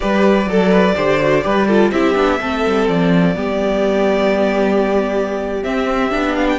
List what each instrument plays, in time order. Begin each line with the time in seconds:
0.00 cello G3, viola G4, violin B4 D5
0.46 cello F#3, viola A4, violin A4
0.70 violin B4
0.95 cello D3, viola G4, violin C5
1.21 viola F#4
1.42 cello G3, viola G4, violin B4
1.67 viola F4, violin A4
1.91 cello C4, viola E4, violin G4 E5
2.14 cello B3, viola D4
2.40 cello A3, viola C4, violin A4
2.65 cello G3
2.88 cello F3, violin D5
3.34 cello G3, viola B3, violin G4
5.63 viola C4, cello C4, violin E5
6.11 cello B3, viola D4
6.34 violin F5
6.49 violin G5